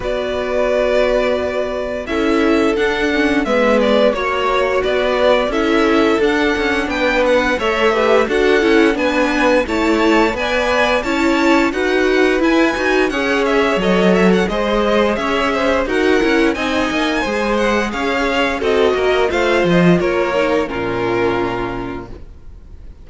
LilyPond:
<<
  \new Staff \with { instrumentName = "violin" } { \time 4/4 \tempo 4 = 87 d''2. e''4 | fis''4 e''8 d''8 cis''4 d''4 | e''4 fis''4 g''8 fis''8 e''4 | fis''4 gis''4 a''4 gis''4 |
a''4 fis''4 gis''4 fis''8 e''8 | dis''8 e''16 fis''16 dis''4 e''4 fis''4 | gis''4. fis''8 f''4 dis''4 | f''8 dis''8 cis''4 ais'2 | }
  \new Staff \with { instrumentName = "violin" } { \time 4/4 b'2. a'4~ | a'4 b'4 cis''4 b'4 | a'2 b'4 cis''8 b'8 | a'4 b'4 cis''4 d''4 |
cis''4 b'2 cis''4~ | cis''4 c''4 cis''8 c''8 ais'4 | dis''4 c''4 cis''4 a'8 ais'8 | c''4 ais'4 f'2 | }
  \new Staff \with { instrumentName = "viola" } { \time 4/4 fis'2. e'4 | d'8 cis'8 b4 fis'2 | e'4 d'2 a'8 g'8 | fis'8 e'8 d'4 e'4 b'4 |
e'4 fis'4 e'8 fis'8 gis'4 | a'4 gis'2 fis'8 e'8 | dis'4 gis'2 fis'4 | f'4. dis'8 cis'2 | }
  \new Staff \with { instrumentName = "cello" } { \time 4/4 b2. cis'4 | d'4 gis4 ais4 b4 | cis'4 d'8 cis'8 b4 a4 | d'8 cis'8 b4 a4 b4 |
cis'4 dis'4 e'8 dis'8 cis'4 | fis4 gis4 cis'4 dis'8 cis'8 | c'8 ais8 gis4 cis'4 c'8 ais8 | a8 f8 ais4 ais,2 | }
>>